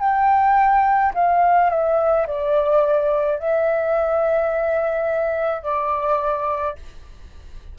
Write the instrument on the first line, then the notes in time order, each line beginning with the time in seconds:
flute
0.00 G5
1.14 F5
1.70 E5
2.27 D5
3.39 E5
5.62 D5